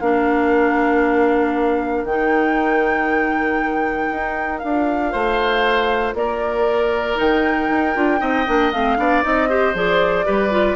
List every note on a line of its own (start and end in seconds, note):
0.00 2.04 A#3
0.00 2.07 D4
0.00 5.12 A#4
0.00 2.05 F5
2.04 4.09 D#3
2.04 4.63 D#4
2.04 4.59 G5
4.11 4.63 D#4
4.59 5.14 D4
4.59 7.15 F4
4.59 6.13 F5
5.12 6.14 A3
5.12 6.15 C5
6.14 7.17 A#3
6.14 8.20 A#4
6.14 7.18 D5
7.15 7.70 D#3
7.15 7.92 D#4
7.15 8.72 G5
7.70 7.95 D#4
7.95 8.21 D4
7.95 8.19 F4
8.19 8.47 C4
8.19 8.44 D#4
8.19 8.97 D#5
8.47 8.73 A#3
8.47 8.73 D4
8.72 8.98 A3
8.72 8.97 C4
8.72 9.23 F5
8.97 9.23 B3
8.97 9.22 D4
8.97 9.49 D5
9.22 9.74 C4
9.22 9.48 D#4
9.22 9.75 D#5
9.49 9.75 G4
9.49 10.26 C5
9.74 10.25 F3
9.74 10.25 G#4
9.74 10.76 D5
10.25 10.76 G3
10.25 10.51 G4
10.25 10.76 B4
10.51 10.76 F4